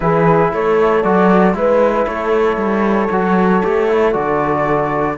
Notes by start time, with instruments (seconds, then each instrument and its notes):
0.00 cello E3, trombone E4, horn G#4, flute B4
0.53 cello A3, horn A4, flute C#5
1.03 cello F#3, trombone F#4, flute D5
1.54 cello G#3, trombone E4, flute B4, horn B4
2.06 cello A3, horn A4, flute C#5
2.56 cello G3
3.10 cello F#3, trombone F#4
3.63 cello A3, trombone G4
3.89 trombone E4
4.12 cello D3, trombone F#4, flute D5